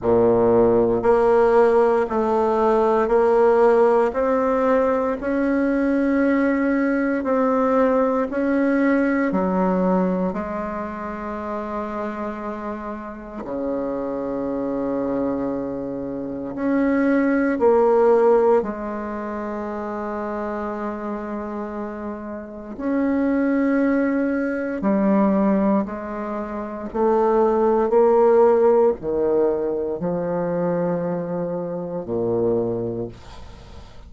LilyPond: \new Staff \with { instrumentName = "bassoon" } { \time 4/4 \tempo 4 = 58 ais,4 ais4 a4 ais4 | c'4 cis'2 c'4 | cis'4 fis4 gis2~ | gis4 cis2. |
cis'4 ais4 gis2~ | gis2 cis'2 | g4 gis4 a4 ais4 | dis4 f2 ais,4 | }